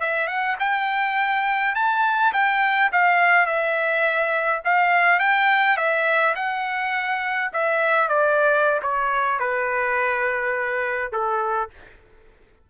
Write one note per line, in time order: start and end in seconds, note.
0.00 0.27 E5
0.27 0.56 F#5
0.60 1.75 G5
1.75 2.33 A5
2.33 2.91 G5
2.92 3.46 F5
3.46 4.62 E5
4.65 5.19 F5
5.19 5.77 G5
5.77 6.35 E5
6.35 7.51 F#5
7.53 8.09 E5
8.09 8.81 D5
8.82 9.39 C#5
9.39 11.12 B4
11.12 11.70 A4